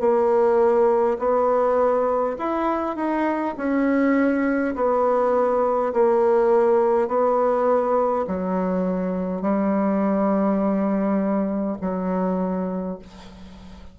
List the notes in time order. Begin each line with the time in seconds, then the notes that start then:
0.00 A#3
1.19 B3
2.39 E4
2.96 D#4
3.57 C#4
4.75 B3
5.94 A#3
7.08 B3
8.27 F#3
9.42 G3
11.81 F#3